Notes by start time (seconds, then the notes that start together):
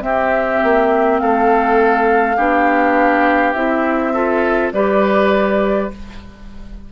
0.00 C4 G4 E5
0.63 A#3
1.19 A3 A4 F5
2.36 B3 D4 G4
3.53 C4 E4 E5
4.14 F4 A4
4.72 G3 G4 B4 D5